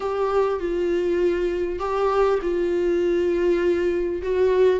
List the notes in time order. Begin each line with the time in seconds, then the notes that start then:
0.00 G4
0.59 F4
1.79 G4
2.42 F4
4.22 F#4